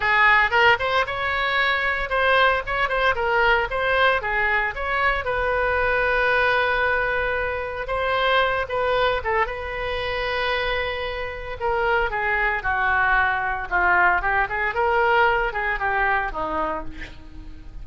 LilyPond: \new Staff \with { instrumentName = "oboe" } { \time 4/4 \tempo 4 = 114 gis'4 ais'8 c''8 cis''2 | c''4 cis''8 c''8 ais'4 c''4 | gis'4 cis''4 b'2~ | b'2. c''4~ |
c''8 b'4 a'8 b'2~ | b'2 ais'4 gis'4 | fis'2 f'4 g'8 gis'8 | ais'4. gis'8 g'4 dis'4 | }